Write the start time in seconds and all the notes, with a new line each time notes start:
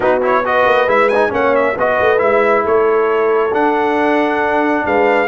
0.00 B3 D#4 F#4 B4
0.21 E4 C#5
0.44 F#4 B4 D#5
0.65 A#3
0.86 G#3 E4 E5
1.09 D#4 G#5
1.29 A#3 C#4 C#5 F#5
1.55 E5
1.77 B3 F#4 B4 D#5
2.00 A3
2.17 G#3 E4 E5
2.65 A3 A4 C#5
3.52 D4 F#5
4.85 G#3 B4 F5